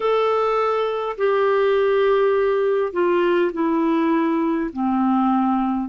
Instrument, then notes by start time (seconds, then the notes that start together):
clarinet
0.00 A4
1.17 G4
2.93 F4
3.52 E4
4.73 C4